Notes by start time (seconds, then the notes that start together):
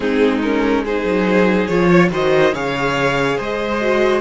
0.00 G#3 C4 D#4 G#4
0.41 C#4 A#4
0.84 D#4 G#4 C5
1.04 F#3
1.67 F3 F4 C#5
1.87 C#5
2.10 D#3 F#4 C5 D#5
2.53 C#3 G#4 C#5 F5
3.37 G#3 C5 D#5
3.81 F#4